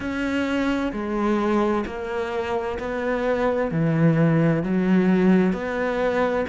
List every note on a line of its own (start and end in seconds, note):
0.00 0.91 C#4
0.92 1.85 G#3
1.86 2.78 A#3
2.79 3.71 B3
3.71 4.63 E3
4.63 5.52 F#3
5.52 6.44 B3